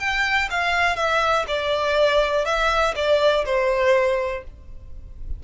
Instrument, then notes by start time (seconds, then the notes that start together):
violin
0.00 G5
0.51 F5
0.96 E5
1.48 D5
2.46 E5
2.96 D5
3.46 C5